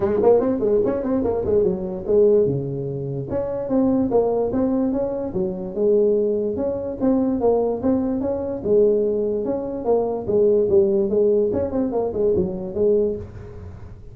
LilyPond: \new Staff \with { instrumentName = "tuba" } { \time 4/4 \tempo 4 = 146 gis8 ais8 c'8 gis8 cis'8 c'8 ais8 gis8 | fis4 gis4 cis2 | cis'4 c'4 ais4 c'4 | cis'4 fis4 gis2 |
cis'4 c'4 ais4 c'4 | cis'4 gis2 cis'4 | ais4 gis4 g4 gis4 | cis'8 c'8 ais8 gis8 fis4 gis4 | }